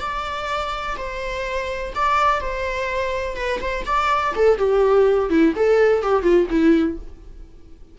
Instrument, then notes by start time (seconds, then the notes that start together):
viola
0.00 D5
0.97 C5
1.95 D5
2.40 C5
3.36 B4
3.61 C5
3.86 D5
4.35 A4
4.58 G4
5.30 E4
5.56 A4
6.02 G4
6.23 F4
6.50 E4